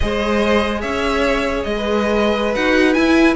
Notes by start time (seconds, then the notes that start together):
0.00 G#3 G#4 C5 D#5
0.81 C#4 C#5 E5
1.63 G#3 D#5
1.77 B4
2.54 D#4 F#4 F#5
2.93 E4 G#5